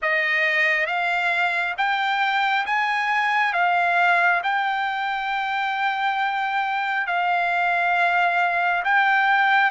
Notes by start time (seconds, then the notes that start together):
0.02 D#5
0.86 F5
1.77 G5
2.66 G#5
3.53 F5
4.43 G5
7.06 F5
8.84 G5